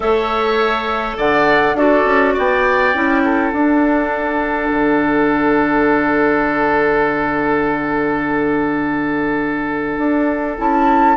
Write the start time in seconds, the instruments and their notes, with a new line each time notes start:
0.00 bassoon A3, clarinet A4, oboe C#5, flute E5
1.17 bassoon D3, oboe D5, flute F#5
1.73 bassoon D4, clarinet F#4, oboe A4, flute D5
2.05 bassoon C#4
2.33 bassoon B3, oboe D5, flute G5
2.94 bassoon C#4, clarinet E4
3.24 oboe A4
3.52 bassoon D4, clarinet D4, flute F#5
4.70 bassoon D3
9.98 bassoon D4
10.57 bassoon C#4, clarinet E4, flute A5